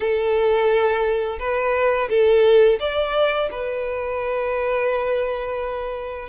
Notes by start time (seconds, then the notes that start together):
0.00 A4
1.39 B4
2.09 A4
2.79 D5
3.51 B4